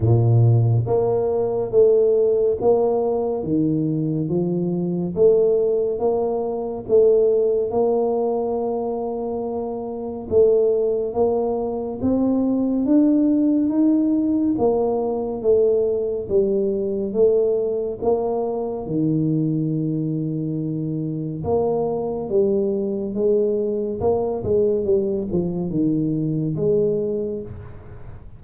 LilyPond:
\new Staff \with { instrumentName = "tuba" } { \time 4/4 \tempo 4 = 70 ais,4 ais4 a4 ais4 | dis4 f4 a4 ais4 | a4 ais2. | a4 ais4 c'4 d'4 |
dis'4 ais4 a4 g4 | a4 ais4 dis2~ | dis4 ais4 g4 gis4 | ais8 gis8 g8 f8 dis4 gis4 | }